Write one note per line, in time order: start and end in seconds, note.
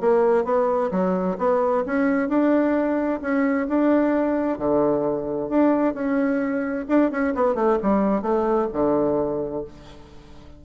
0.00 0.44 A#3
0.44 0.90 B3
0.91 1.37 F#3
1.38 1.84 B3
1.85 2.28 C#4
2.28 3.20 D4
3.21 3.67 C#4
3.68 4.58 D4
4.58 5.49 D3
5.49 5.94 D4
5.94 6.86 C#4
6.88 7.11 D4
7.11 7.34 C#4
7.35 7.55 B3
7.55 7.78 A3
7.82 8.22 G3
8.22 8.68 A3
8.73 9.64 D3